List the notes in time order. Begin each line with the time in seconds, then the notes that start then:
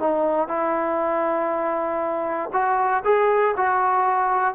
0.00 D#4
0.48 E4
2.53 F#4
3.05 G#4
3.57 F#4